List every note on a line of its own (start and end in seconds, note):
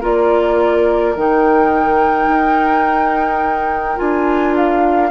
0.00 1.16 A#3
0.00 1.15 F4
0.00 5.09 A#4
0.00 1.16 D5
1.16 2.27 D#3
1.16 3.96 D#4
1.16 3.98 G5
2.27 3.97 D#4
3.96 5.11 D4
3.96 5.09 F4
3.96 4.54 G#5
4.56 5.11 F5